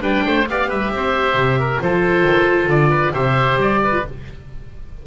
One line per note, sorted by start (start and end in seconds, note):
0.00 0.23 G3
0.00 0.44 D4
0.00 0.24 B4
0.00 0.47 G5
0.26 0.48 A3
0.26 0.48 C5
0.48 0.70 B3
0.48 1.80 G4
0.48 0.68 D5
0.48 0.69 F5
0.68 0.91 G3
0.68 0.90 B4
0.68 1.81 E5
0.91 1.34 C4
0.91 1.59 C5
1.34 1.78 C3
1.59 1.81 A#4
1.80 2.23 F3
1.80 3.13 F4
1.80 2.90 A4
1.80 2.69 C5
2.23 2.67 D#3
2.67 3.12 D3
2.67 3.13 D5
2.90 3.12 B4
3.13 3.56 C3
3.13 3.91 G4
3.13 3.80 C5
3.13 3.58 E5
3.56 4.00 G3
3.56 4.05 D5
3.84 4.06 B4
3.91 4.02 F4